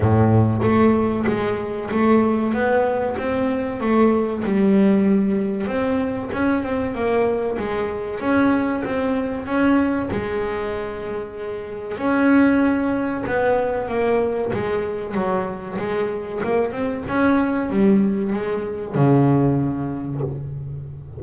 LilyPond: \new Staff \with { instrumentName = "double bass" } { \time 4/4 \tempo 4 = 95 a,4 a4 gis4 a4 | b4 c'4 a4 g4~ | g4 c'4 cis'8 c'8 ais4 | gis4 cis'4 c'4 cis'4 |
gis2. cis'4~ | cis'4 b4 ais4 gis4 | fis4 gis4 ais8 c'8 cis'4 | g4 gis4 cis2 | }